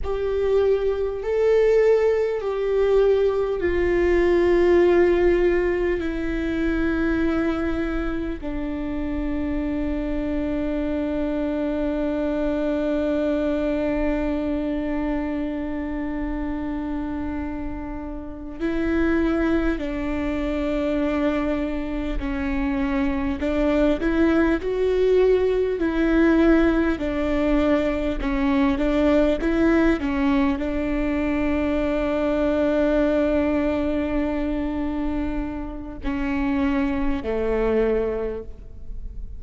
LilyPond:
\new Staff \with { instrumentName = "viola" } { \time 4/4 \tempo 4 = 50 g'4 a'4 g'4 f'4~ | f'4 e'2 d'4~ | d'1~ | d'2.~ d'8 e'8~ |
e'8 d'2 cis'4 d'8 | e'8 fis'4 e'4 d'4 cis'8 | d'8 e'8 cis'8 d'2~ d'8~ | d'2 cis'4 a4 | }